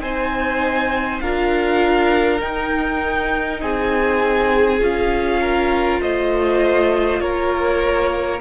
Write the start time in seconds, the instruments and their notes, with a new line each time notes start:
0.00 cello C4, viola D#4, violin C5 G#5
1.21 cello D4, viola F4, violin A#4 F5
2.40 viola D#4, cello D#4, violin G5
3.61 cello C4, violin G#4 G#5
4.80 cello C#4, viola F4, violin F5
5.41 violin A#4
6.02 cello A3, violin C5 D#5
7.20 cello A#3, violin A#4 C#5